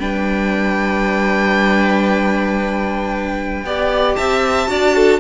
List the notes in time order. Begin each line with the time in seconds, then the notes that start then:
0.00 G3 D4 B4 G5
3.64 B3 G4 D5
4.16 C4 E5 A5
4.68 D4 F#4 D5
4.96 A4